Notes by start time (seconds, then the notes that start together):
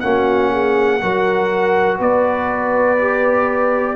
0.00 A#3 C#4 F#4 F#5
0.52 G#4
1.01 F#3 F#4 A#4
1.99 B3 B4 D5
2.98 G4